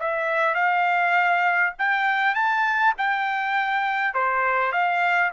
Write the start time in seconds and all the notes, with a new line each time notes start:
0.00 E5
0.55 F5
1.79 G5
2.35 A5
2.98 G5
4.14 C5
4.73 F5